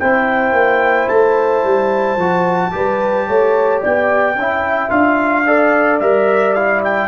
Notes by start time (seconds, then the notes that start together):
0.00 C4 E4 C5 G5
0.53 A#3
1.09 A3 A5
1.64 G3
2.17 F3 F#4
2.72 G3 G4 B4
3.28 A3 C#5
3.82 B3 D5 G5
4.35 C#4 E4 E5
4.89 D4 F4 F5
5.47 A4 D5
6.00 G3 A#4 E5
6.54 E4 F5
6.85 G5